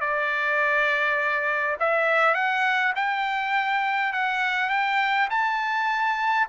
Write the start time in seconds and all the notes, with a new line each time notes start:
0.00 D5
1.79 E5
2.34 F#5
2.95 G5
4.13 F#5
4.69 G5
5.29 A5